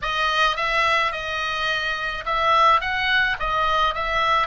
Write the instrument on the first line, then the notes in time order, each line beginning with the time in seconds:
oboe
0.02 D#5
0.56 E5
1.12 D#5
2.25 E5
2.80 F#5
3.39 D#5
3.94 E5